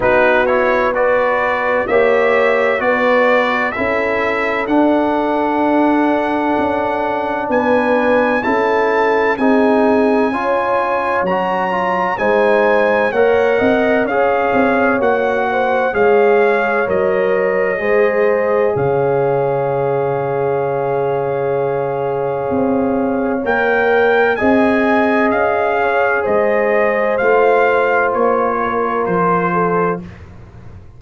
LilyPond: <<
  \new Staff \with { instrumentName = "trumpet" } { \time 4/4 \tempo 4 = 64 b'8 cis''8 d''4 e''4 d''4 | e''4 fis''2. | gis''4 a''4 gis''2 | ais''4 gis''4 fis''4 f''4 |
fis''4 f''4 dis''2 | f''1~ | f''4 g''4 gis''4 f''4 | dis''4 f''4 cis''4 c''4 | }
  \new Staff \with { instrumentName = "horn" } { \time 4/4 fis'4 b'4 cis''4 b'4 | a'1 | b'4 a'4 gis'4 cis''4~ | cis''4 c''4 cis''8 dis''8 cis''4~ |
cis''8 c''8 cis''2 c''4 | cis''1~ | cis''2 dis''4. cis''8 | c''2~ c''8 ais'4 a'8 | }
  \new Staff \with { instrumentName = "trombone" } { \time 4/4 dis'8 e'8 fis'4 g'4 fis'4 | e'4 d'2.~ | d'4 e'4 dis'4 f'4 | fis'8 f'8 dis'4 ais'4 gis'4 |
fis'4 gis'4 ais'4 gis'4~ | gis'1~ | gis'4 ais'4 gis'2~ | gis'4 f'2. | }
  \new Staff \with { instrumentName = "tuba" } { \time 4/4 b2 ais4 b4 | cis'4 d'2 cis'4 | b4 cis'4 c'4 cis'4 | fis4 gis4 ais8 c'8 cis'8 c'8 |
ais4 gis4 fis4 gis4 | cis1 | c'4 ais4 c'4 cis'4 | gis4 a4 ais4 f4 | }
>>